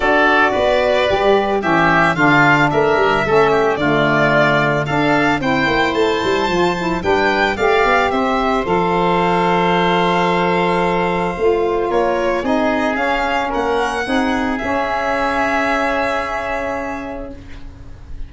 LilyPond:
<<
  \new Staff \with { instrumentName = "violin" } { \time 4/4 \tempo 4 = 111 d''2. e''4 | f''4 e''2 d''4~ | d''4 f''4 g''4 a''4~ | a''4 g''4 f''4 e''4 |
f''1~ | f''2 cis''4 dis''4 | f''4 fis''2 e''4~ | e''1 | }
  \new Staff \with { instrumentName = "oboe" } { \time 4/4 a'4 b'2 g'4 | f'4 ais'4 a'8 g'8 f'4~ | f'4 a'4 c''2~ | c''4 b'4 d''4 c''4~ |
c''1~ | c''2 ais'4 gis'4~ | gis'4 ais'4 gis'2~ | gis'1 | }
  \new Staff \with { instrumentName = "saxophone" } { \time 4/4 fis'2 g'4 cis'4 | d'2 cis'4 a4~ | a4 d'4 e'2 | f'8 e'8 d'4 g'2 |
a'1~ | a'4 f'2 dis'4 | cis'2 dis'4 cis'4~ | cis'1 | }
  \new Staff \with { instrumentName = "tuba" } { \time 4/4 d'4 b4 g4 e4 | d4 a8 g8 a4 d4~ | d4 d'4 c'8 ais8 a8 g8 | f4 g4 a8 b8 c'4 |
f1~ | f4 a4 ais4 c'4 | cis'4 ais4 c'4 cis'4~ | cis'1 | }
>>